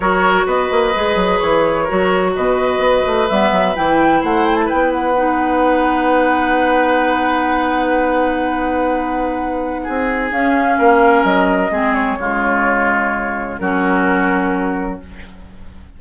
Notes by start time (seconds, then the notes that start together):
0.00 F#3 F#4 A#4 C#5
0.46 B3 B4 D#5
0.71 A#3
0.95 G#3 G#4
1.15 F#3
1.38 E3 C#5
1.83 F#4 A#4
1.91 F#3
2.35 B2 B4 D#5
2.78 B3
3.06 A3
3.28 G3 B3 E5
3.51 F#3
3.75 E3 E4 G5
4.20 A3 C5 F#5
4.45 G5
4.55 A5
4.65 B4 G5
4.72 B3
4.91 F#5
5.14 D#4
9.83 C4 G#4
10.31 C#4 F5
10.78 A#3 A#4
11.23 F#3 D#5
11.70 G#3 C4 G#4
11.94 C#5
12.18 C#3 G#3 F4
13.58 F#3 C#4 F#4 A#4